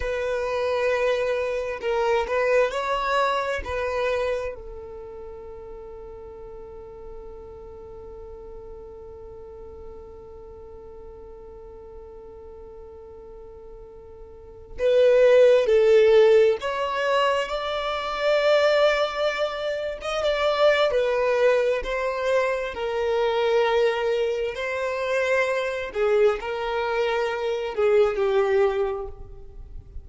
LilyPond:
\new Staff \with { instrumentName = "violin" } { \time 4/4 \tempo 4 = 66 b'2 ais'8 b'8 cis''4 | b'4 a'2.~ | a'1~ | a'1~ |
a'16 b'4 a'4 cis''4 d''8.~ | d''2 dis''16 d''8. b'4 | c''4 ais'2 c''4~ | c''8 gis'8 ais'4. gis'8 g'4 | }